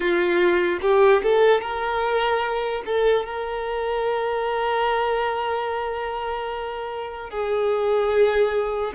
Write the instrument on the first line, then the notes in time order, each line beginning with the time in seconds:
violin
0.00 F4
0.81 G4
1.22 A4
1.61 A#4
2.85 A4
3.25 A#4
7.30 G#4